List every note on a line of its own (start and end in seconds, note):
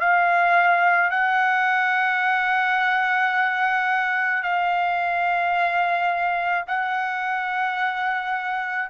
0.00 1.11 F5
1.11 4.43 F#5
4.43 6.65 F5
6.67 8.89 F#5